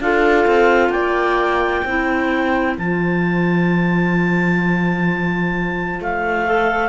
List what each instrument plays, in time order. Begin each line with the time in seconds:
0.00 cello D4, clarinet F4 F5, viola A4
0.47 cello C4
0.89 cello A#3, viola D5, clarinet G5
1.85 cello C4, clarinet E4, viola C5
2.78 cello F3, clarinet F4 A5
6.00 cello A3, clarinet F5
6.46 clarinet A4